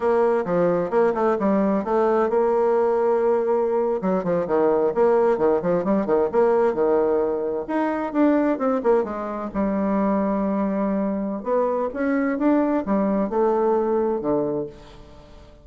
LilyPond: \new Staff \with { instrumentName = "bassoon" } { \time 4/4 \tempo 4 = 131 ais4 f4 ais8 a8 g4 | a4 ais2.~ | ais8. fis8 f8 dis4 ais4 dis16~ | dis16 f8 g8 dis8 ais4 dis4~ dis16~ |
dis8. dis'4 d'4 c'8 ais8 gis16~ | gis8. g2.~ g16~ | g4 b4 cis'4 d'4 | g4 a2 d4 | }